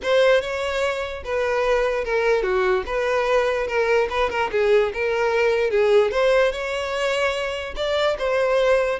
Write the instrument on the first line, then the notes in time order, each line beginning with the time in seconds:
violin
0.02 C5
0.41 C#5
1.24 B4
2.04 A#4
2.42 F#4
2.86 B4
3.67 A#4
4.10 B4
4.30 A#4
4.51 G#4
4.93 A#4
5.70 G#4
6.11 C5
6.52 C#5
7.76 D5
8.18 C5